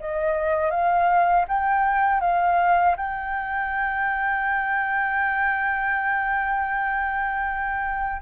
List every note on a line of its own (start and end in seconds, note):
0.00 0.71 D#5
0.71 1.46 F5
1.49 2.21 G5
2.21 2.96 F5
2.97 8.22 G5